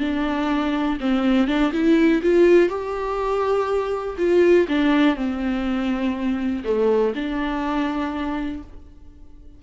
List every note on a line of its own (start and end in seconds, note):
0.00 0.98 D4
1.01 1.48 C4
1.48 1.72 D4
1.73 2.22 E4
2.23 2.69 F4
2.69 4.17 G4
4.18 4.67 F4
4.68 5.16 D4
5.16 6.64 C4
6.64 7.14 A3
7.16 8.63 D4